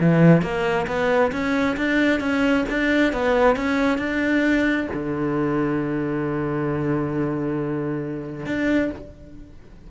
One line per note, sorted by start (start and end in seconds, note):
0.00 0.42 E3
0.42 0.86 A#3
0.87 1.32 B3
1.32 1.76 C#4
1.77 2.20 D4
2.20 2.64 C#4
2.69 3.13 D4
3.13 3.56 B3
3.56 3.98 C#4
3.98 4.87 D4
4.94 8.46 D3
8.46 8.91 D4